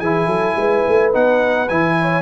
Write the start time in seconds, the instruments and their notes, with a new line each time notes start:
0.00 tuba E3, trombone E4, horn G#4, trumpet G#5
0.27 tuba F#3, horn A4
0.56 tuba G#3, horn B4
0.89 tuba A3
1.13 tuba B3, trombone D#4, trumpet F#5
1.69 tuba E3, trombone E4, trumpet G#5
2.01 horn C#5